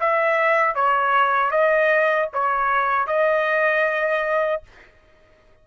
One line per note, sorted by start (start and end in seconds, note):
0.00 0.75 E5
0.75 1.51 C#5
1.51 2.29 D#5
2.33 3.07 C#5
3.07 4.63 D#5